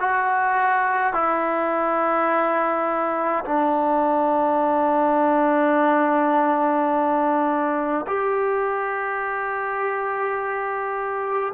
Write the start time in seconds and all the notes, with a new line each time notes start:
0.00 F#4
1.14 E4
3.45 D4
8.07 G4